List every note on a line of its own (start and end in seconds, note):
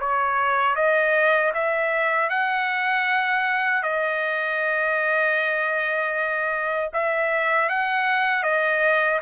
0.00 0.76 C#5
0.76 1.52 D#5
1.54 2.29 E5
2.29 3.83 F#5
3.83 6.91 D#5
6.93 7.69 E5
7.69 8.43 F#5
8.43 9.20 D#5